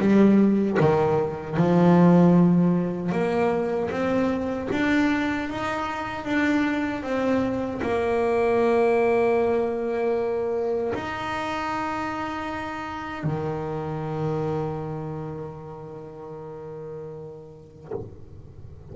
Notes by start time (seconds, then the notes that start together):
0.00 G3
0.80 D#3
1.57 F3
3.12 A#3
3.91 C4
4.72 D4
5.49 D#4
6.25 D4
7.03 C4
7.82 A#3
10.94 D#4
13.24 D#3